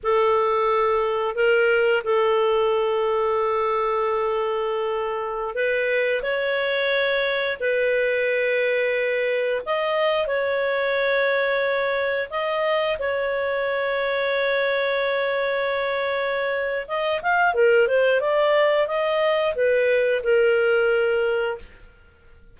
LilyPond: \new Staff \with { instrumentName = "clarinet" } { \time 4/4 \tempo 4 = 89 a'2 ais'4 a'4~ | a'1~ | a'16 b'4 cis''2 b'8.~ | b'2~ b'16 dis''4 cis''8.~ |
cis''2~ cis''16 dis''4 cis''8.~ | cis''1~ | cis''4 dis''8 f''8 ais'8 c''8 d''4 | dis''4 b'4 ais'2 | }